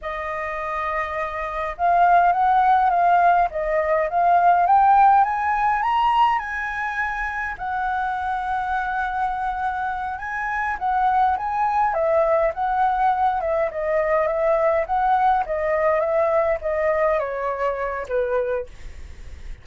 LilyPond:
\new Staff \with { instrumentName = "flute" } { \time 4/4 \tempo 4 = 103 dis''2. f''4 | fis''4 f''4 dis''4 f''4 | g''4 gis''4 ais''4 gis''4~ | gis''4 fis''2.~ |
fis''4. gis''4 fis''4 gis''8~ | gis''8 e''4 fis''4. e''8 dis''8~ | dis''8 e''4 fis''4 dis''4 e''8~ | e''8 dis''4 cis''4. b'4 | }